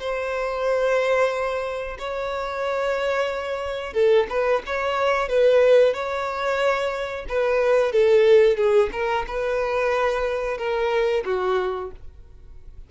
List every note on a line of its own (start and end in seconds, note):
0.00 1.98 C5
1.99 3.94 C#5
3.94 4.27 A4
4.30 4.63 B4
4.66 5.29 C#5
5.29 5.94 B4
5.94 7.26 C#5
7.29 7.92 B4
7.92 8.57 A4
8.57 8.90 G#4
8.93 9.25 A#4
9.27 10.58 B4
10.58 11.24 A#4
11.25 11.91 F#4